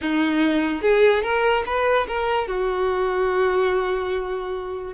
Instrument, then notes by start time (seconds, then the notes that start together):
violin
0.01 D#4
0.81 G#4
1.23 A#4
1.66 B4
2.07 A#4
2.47 F#4